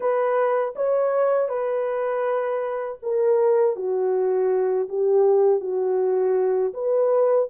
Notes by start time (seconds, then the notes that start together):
0.00 B4
0.75 C#5
1.48 B4
3.02 A#4
3.75 F#4
4.89 G4
5.60 F#4
6.73 B4